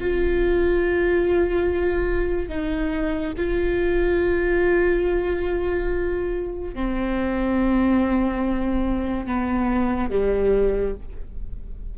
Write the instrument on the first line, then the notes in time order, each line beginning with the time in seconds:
viola
0.00 F4
2.49 D#4
3.37 F4
6.74 C4
9.27 B3
10.10 G3